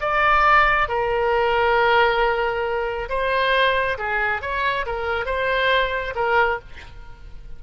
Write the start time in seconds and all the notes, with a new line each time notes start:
0.00 D5
0.88 A#4
3.09 C5
3.98 G#4
4.41 C#5
4.86 A#4
5.25 C5
6.15 A#4